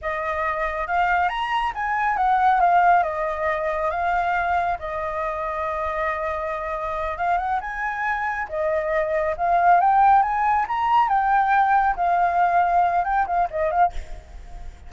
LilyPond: \new Staff \with { instrumentName = "flute" } { \time 4/4 \tempo 4 = 138 dis''2 f''4 ais''4 | gis''4 fis''4 f''4 dis''4~ | dis''4 f''2 dis''4~ | dis''1~ |
dis''8 f''8 fis''8 gis''2 dis''8~ | dis''4. f''4 g''4 gis''8~ | gis''8 ais''4 g''2 f''8~ | f''2 g''8 f''8 dis''8 f''8 | }